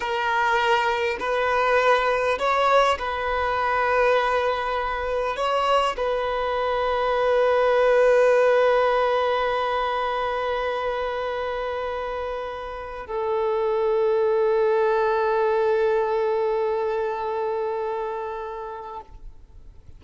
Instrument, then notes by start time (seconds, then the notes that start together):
violin
0.00 A#4
1.19 B4
2.38 C#5
2.98 B4
5.36 C#5
5.96 B4
13.06 A4